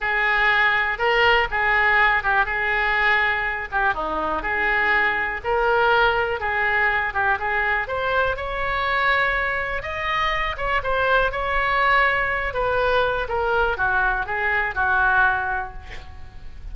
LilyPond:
\new Staff \with { instrumentName = "oboe" } { \time 4/4 \tempo 4 = 122 gis'2 ais'4 gis'4~ | gis'8 g'8 gis'2~ gis'8 g'8 | dis'4 gis'2 ais'4~ | ais'4 gis'4. g'8 gis'4 |
c''4 cis''2. | dis''4. cis''8 c''4 cis''4~ | cis''4. b'4. ais'4 | fis'4 gis'4 fis'2 | }